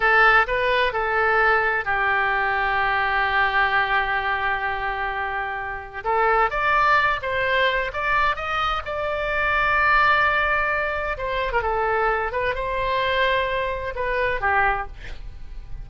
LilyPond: \new Staff \with { instrumentName = "oboe" } { \time 4/4 \tempo 4 = 129 a'4 b'4 a'2 | g'1~ | g'1~ | g'4 a'4 d''4. c''8~ |
c''4 d''4 dis''4 d''4~ | d''1 | c''8. ais'16 a'4. b'8 c''4~ | c''2 b'4 g'4 | }